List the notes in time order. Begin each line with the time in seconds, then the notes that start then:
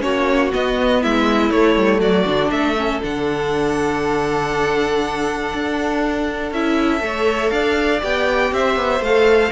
0.00 A#3 C#4 F#4 C#5
0.52 B3 D#5
1.01 G#3 E4 E5
1.50 A3 C#5
1.76 G3
1.99 F#3 F#4 D5
2.26 D3 D4
2.50 A3 A4 E5
2.77 C#4
3.02 D3 D4 F#5
5.54 D4
6.51 C#4 E4 E5
7.00 A3 A4 C#5
7.50 D4 D5 F5
8.01 B3 G4 G5
8.52 C4 C5 E5
8.76 B3
9.00 A3 A4 F5